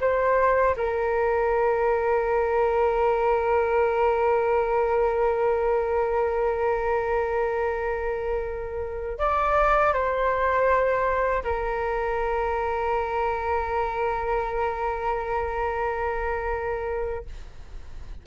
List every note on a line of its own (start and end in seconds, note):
0.00 0.75 C5
0.76 9.18 A#4
9.18 9.93 D5
9.93 11.43 C5
11.43 17.25 A#4